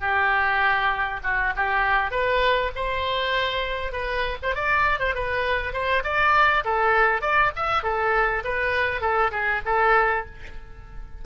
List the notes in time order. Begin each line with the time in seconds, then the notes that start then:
0.00 G4
1.23 F#4
1.56 G4
2.11 B4
2.75 C5
3.92 B4
4.42 C5
4.55 D5
4.99 C5
5.14 B4
5.72 C5
6.03 D5
6.64 A4
7.21 D5
7.55 E5
7.82 A4
8.44 B4
9.01 A4
9.31 G#4
9.65 A4